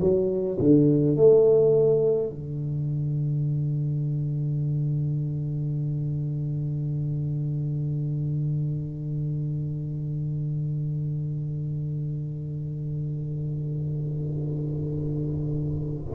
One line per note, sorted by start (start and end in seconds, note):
0.00 0.58 F#3
0.59 1.16 D3
1.16 2.29 A3
2.29 16.14 D3